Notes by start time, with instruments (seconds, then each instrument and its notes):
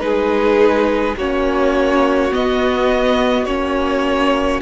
0.00 cello G#3, viola D#4, violin G#4 B4
1.17 cello A#3, viola C#4, violin F#4 C#5
2.31 viola B3, cello B3, violin D#5
3.45 cello A#3, viola C#4, violin C#5